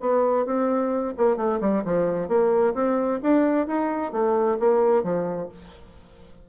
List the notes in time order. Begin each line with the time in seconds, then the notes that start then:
0.00 B3
0.45 C4
1.17 A#3
1.36 A3
1.60 G3
1.84 F3
2.28 A#3
2.74 C4
3.23 D4
3.67 D#4
4.12 A3
4.59 A#3
5.03 F3